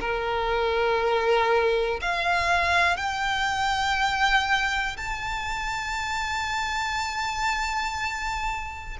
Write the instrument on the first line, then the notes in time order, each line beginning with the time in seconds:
violin
0.00 A#4
2.01 F5
2.96 G5
4.96 A5